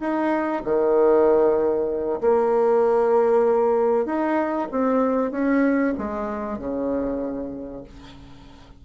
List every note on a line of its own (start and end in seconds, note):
0.00 0.62 D#4
0.64 2.20 D#3
2.21 4.05 A#3
4.05 4.68 D#4
4.71 5.31 C4
5.31 5.93 C#4
5.98 6.59 G#3
6.59 7.84 C#3